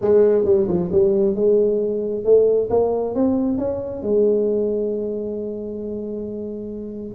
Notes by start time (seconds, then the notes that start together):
0.01 G#3
0.45 G3
0.67 F3
0.91 G3
1.35 G#3
2.24 A3
2.70 A#3
3.14 C4
3.58 C#4
4.02 G#3